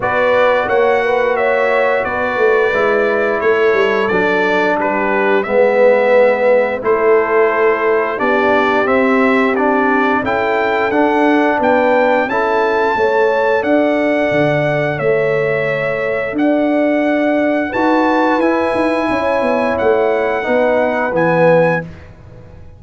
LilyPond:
<<
  \new Staff \with { instrumentName = "trumpet" } { \time 4/4 \tempo 4 = 88 d''4 fis''4 e''4 d''4~ | d''4 cis''4 d''4 b'4 | e''2 c''2 | d''4 e''4 d''4 g''4 |
fis''4 g''4 a''2 | fis''2 e''2 | fis''2 a''4 gis''4~ | gis''4 fis''2 gis''4 | }
  \new Staff \with { instrumentName = "horn" } { \time 4/4 b'4 cis''8 b'8 cis''4 b'4~ | b'4 a'2 g'4 | b'2 a'2 | g'2. a'4~ |
a'4 b'4 a'4 cis''4 | d''2 cis''2 | d''2 b'2 | cis''2 b'2 | }
  \new Staff \with { instrumentName = "trombone" } { \time 4/4 fis'1 | e'2 d'2 | b2 e'2 | d'4 c'4 d'4 e'4 |
d'2 e'4 a'4~ | a'1~ | a'2 fis'4 e'4~ | e'2 dis'4 b4 | }
  \new Staff \with { instrumentName = "tuba" } { \time 4/4 b4 ais2 b8 a8 | gis4 a8 g8 fis4 g4 | gis2 a2 | b4 c'2 cis'4 |
d'4 b4 cis'4 a4 | d'4 d4 a2 | d'2 dis'4 e'8 dis'8 | cis'8 b8 a4 b4 e4 | }
>>